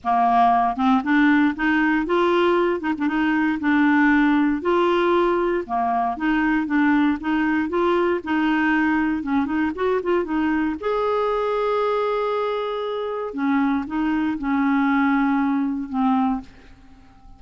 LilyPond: \new Staff \with { instrumentName = "clarinet" } { \time 4/4 \tempo 4 = 117 ais4. c'8 d'4 dis'4 | f'4. dis'16 d'16 dis'4 d'4~ | d'4 f'2 ais4 | dis'4 d'4 dis'4 f'4 |
dis'2 cis'8 dis'8 fis'8 f'8 | dis'4 gis'2.~ | gis'2 cis'4 dis'4 | cis'2. c'4 | }